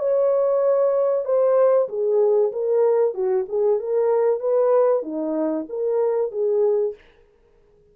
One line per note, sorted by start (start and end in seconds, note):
0.00 1.25 C#5
1.25 1.89 C5
1.89 2.52 G#4
2.53 3.14 A#4
3.14 3.46 F#4
3.49 3.80 G#4
3.80 4.40 A#4
4.40 5.03 B4
5.03 5.66 D#4
5.70 6.32 A#4
6.32 6.95 G#4